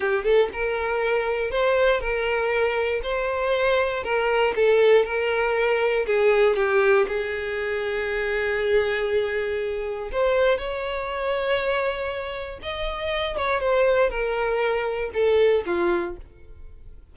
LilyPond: \new Staff \with { instrumentName = "violin" } { \time 4/4 \tempo 4 = 119 g'8 a'8 ais'2 c''4 | ais'2 c''2 | ais'4 a'4 ais'2 | gis'4 g'4 gis'2~ |
gis'1 | c''4 cis''2.~ | cis''4 dis''4. cis''8 c''4 | ais'2 a'4 f'4 | }